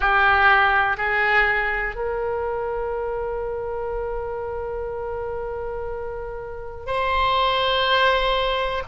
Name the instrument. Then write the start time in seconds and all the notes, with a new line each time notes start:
oboe
0.00 G4
0.97 G#4
1.95 A#4
6.86 C5